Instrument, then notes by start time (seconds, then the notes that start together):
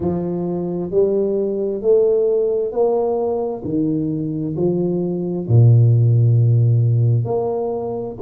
tuba
0.00 F3
0.90 G3
1.81 A3
2.71 A#3
3.64 D#3
4.55 F3
5.48 A#2
7.24 A#3